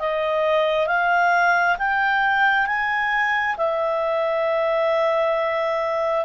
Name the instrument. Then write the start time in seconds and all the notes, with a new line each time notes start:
clarinet
0.00 D#5
0.88 F5
1.79 G5
2.67 G#5
3.57 E5